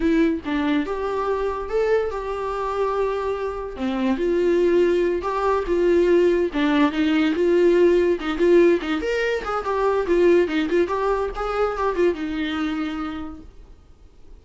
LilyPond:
\new Staff \with { instrumentName = "viola" } { \time 4/4 \tempo 4 = 143 e'4 d'4 g'2 | a'4 g'2.~ | g'4 c'4 f'2~ | f'8 g'4 f'2 d'8~ |
d'8 dis'4 f'2 dis'8 | f'4 dis'8 ais'4 gis'8 g'4 | f'4 dis'8 f'8 g'4 gis'4 | g'8 f'8 dis'2. | }